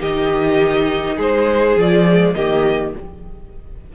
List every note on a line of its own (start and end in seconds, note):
0.00 1.17 D#3
0.00 1.76 D#4
0.00 1.16 G4
0.00 1.19 D#5
1.16 1.76 G#3
1.16 2.34 G#4
1.16 1.79 C5
1.76 2.35 F3
1.76 2.08 F4
1.76 2.34 D5
2.09 2.35 G#3
2.34 2.94 D#3
2.34 2.94 A#3
2.34 2.94 G4
2.34 2.93 D#5